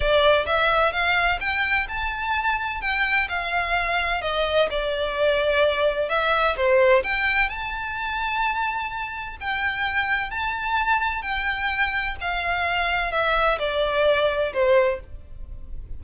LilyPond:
\new Staff \with { instrumentName = "violin" } { \time 4/4 \tempo 4 = 128 d''4 e''4 f''4 g''4 | a''2 g''4 f''4~ | f''4 dis''4 d''2~ | d''4 e''4 c''4 g''4 |
a''1 | g''2 a''2 | g''2 f''2 | e''4 d''2 c''4 | }